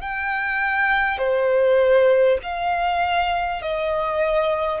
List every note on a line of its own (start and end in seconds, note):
0.00 1.17 G5
1.17 2.37 C5
2.42 3.62 F5
3.62 4.80 D#5